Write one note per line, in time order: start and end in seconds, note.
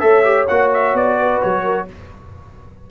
0.00 0.48 A3
0.00 0.23 A4
0.00 1.19 C#5
0.00 0.46 E5
0.24 0.47 G4
0.48 0.94 A#3
0.48 1.88 F#4
0.48 0.71 F#5
0.73 0.96 E5
0.94 1.40 B3
0.94 1.42 D5
1.19 1.63 B4
1.42 1.90 F#3
1.42 1.88 C#5
1.63 1.86 A#4